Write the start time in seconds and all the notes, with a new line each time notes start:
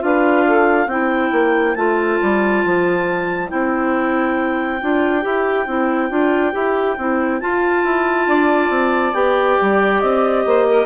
0.00 D4 F4 B4 F5
0.46 A4
0.87 C4 E4 C5 G5
1.32 A#3
1.76 A3 F4 A5
2.23 G3
2.65 F3
3.49 C4 E4 G5
4.82 D4 F4
5.22 E4 G4
5.67 C4 E4
6.10 D4 F4
6.53 E4 G4
6.98 C4 E4
7.41 F4 A5
7.85 E4
8.28 D4 D5
8.70 C4
9.14 B3 G4 G5
9.62 G3
10.01 C4 D#5
10.46 A#3 C5
10.69 A#4